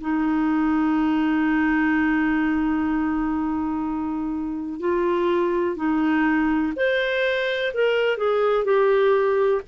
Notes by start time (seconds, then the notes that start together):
0.00 D#4
4.79 F4
5.76 D#4
6.76 C5
7.74 A#4
8.17 G#4
8.64 G4